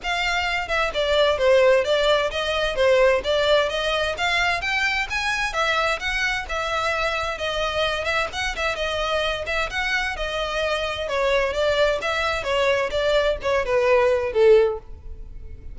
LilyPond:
\new Staff \with { instrumentName = "violin" } { \time 4/4 \tempo 4 = 130 f''4. e''8 d''4 c''4 | d''4 dis''4 c''4 d''4 | dis''4 f''4 g''4 gis''4 | e''4 fis''4 e''2 |
dis''4. e''8 fis''8 e''8 dis''4~ | dis''8 e''8 fis''4 dis''2 | cis''4 d''4 e''4 cis''4 | d''4 cis''8 b'4. a'4 | }